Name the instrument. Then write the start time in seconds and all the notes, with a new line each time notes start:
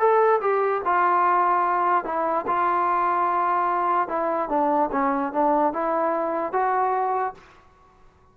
trombone
0.00 A4
0.42 G4
0.85 F4
2.05 E4
2.48 F4
4.09 E4
4.50 D4
4.92 C#4
5.33 D4
5.74 E4
6.53 F#4